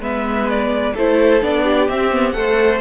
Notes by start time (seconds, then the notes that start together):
0.00 G#3 B3 B4 E5
0.49 D5
0.94 A3 E4 A4 C5
1.42 B3 D4 D5
1.64 G4
1.89 C4 E5
2.12 B3
2.31 A3 A4 F#5
2.38 C5